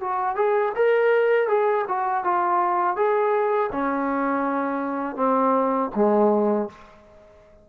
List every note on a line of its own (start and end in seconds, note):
0.00 0.35 F#4
0.35 0.72 G#4
0.75 1.48 A#4
1.48 1.85 G#4
1.88 2.24 F#4
2.24 2.96 F4
2.96 3.70 G#4
3.72 5.15 C#4
5.15 5.90 C4
5.95 6.69 G#3